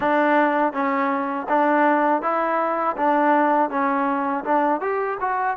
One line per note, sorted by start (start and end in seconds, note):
0.00 0.72 D4
0.72 1.46 C#4
1.48 2.22 D4
2.22 2.96 E4
2.96 3.69 D4
3.69 4.43 C#4
4.44 4.80 D4
4.80 5.18 G4
5.20 5.57 F#4